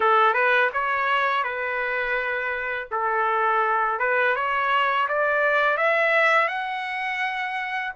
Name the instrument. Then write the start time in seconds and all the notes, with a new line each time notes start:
trumpet
0.00 A4
0.33 B4
0.73 C#5
1.43 B4
2.91 A4
3.99 B4
4.35 C#5
5.08 D5
5.77 E5
6.48 F#5